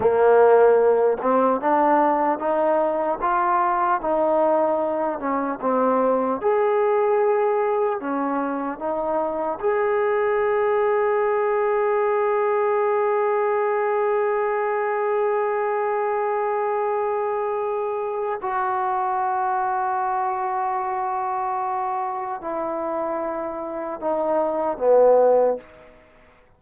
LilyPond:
\new Staff \with { instrumentName = "trombone" } { \time 4/4 \tempo 4 = 75 ais4. c'8 d'4 dis'4 | f'4 dis'4. cis'8 c'4 | gis'2 cis'4 dis'4 | gis'1~ |
gis'1~ | gis'2. fis'4~ | fis'1 | e'2 dis'4 b4 | }